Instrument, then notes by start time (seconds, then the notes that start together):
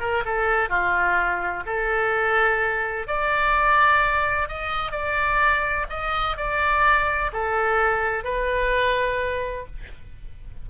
oboe
0.00 A#4
0.25 A4
0.69 F4
1.66 A4
3.07 D5
4.48 D#5
4.92 D5
5.89 D#5
6.37 D5
7.33 A4
8.24 B4